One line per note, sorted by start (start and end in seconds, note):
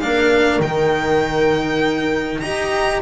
0.00 0.60 A#3
0.00 0.61 D4
0.00 2.42 A#4
0.00 0.60 F5
0.60 2.40 D#3
0.60 2.43 D#4
0.60 2.40 G5
2.40 3.02 D#4
2.40 3.02 G4
2.40 3.02 D#5
2.40 3.00 A#5